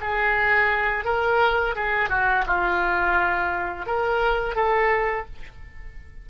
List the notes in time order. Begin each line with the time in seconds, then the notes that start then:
0.00 G#4
1.04 A#4
1.75 G#4
2.09 F#4
2.46 F4
3.86 A#4
4.55 A4